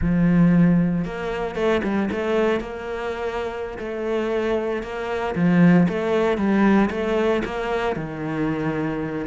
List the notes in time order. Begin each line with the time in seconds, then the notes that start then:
0.01 F3
1.05 A#3
1.55 A3
1.83 G3
2.11 A3
2.60 A#3
3.78 A3
4.82 A#3
5.35 F3
5.88 A3
6.37 G3
6.90 A3
7.44 A#3
7.96 D#3